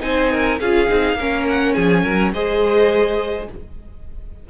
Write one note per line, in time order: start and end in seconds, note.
0.00 0.60 C4
0.00 0.58 D#4
0.00 0.32 C5
0.00 0.59 G#5
0.32 0.61 A#4
0.60 0.90 C#4
0.60 0.89 F4
0.60 1.18 G#4
0.60 1.47 F5
0.89 1.14 C4
0.89 1.18 D#4
1.14 1.72 A#3
1.14 1.75 A#4
1.20 2.34 C#4
1.49 1.74 F#5
1.74 2.06 F3
1.74 2.04 G#4
1.74 2.32 G#5
2.04 2.33 F#3
2.04 2.33 A#4
2.33 3.49 G#3
2.33 3.50 G#4
2.33 3.49 C5
2.33 3.50 D#5